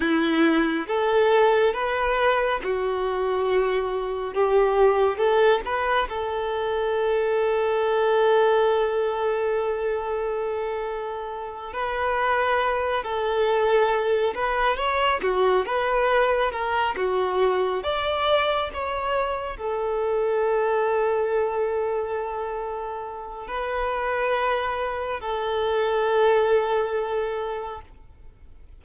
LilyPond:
\new Staff \with { instrumentName = "violin" } { \time 4/4 \tempo 4 = 69 e'4 a'4 b'4 fis'4~ | fis'4 g'4 a'8 b'8 a'4~ | a'1~ | a'4. b'4. a'4~ |
a'8 b'8 cis''8 fis'8 b'4 ais'8 fis'8~ | fis'8 d''4 cis''4 a'4.~ | a'2. b'4~ | b'4 a'2. | }